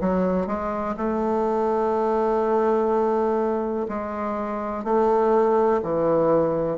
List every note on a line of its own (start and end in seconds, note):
0.00 0.47 F#3
0.47 0.95 G#3
0.96 3.87 A3
3.88 4.84 G#3
4.84 5.81 A3
5.82 6.77 E3